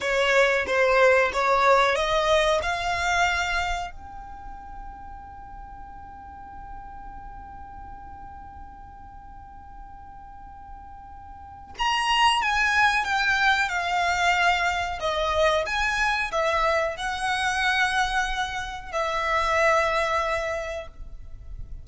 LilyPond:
\new Staff \with { instrumentName = "violin" } { \time 4/4 \tempo 4 = 92 cis''4 c''4 cis''4 dis''4 | f''2 g''2~ | g''1~ | g''1~ |
g''2 ais''4 gis''4 | g''4 f''2 dis''4 | gis''4 e''4 fis''2~ | fis''4 e''2. | }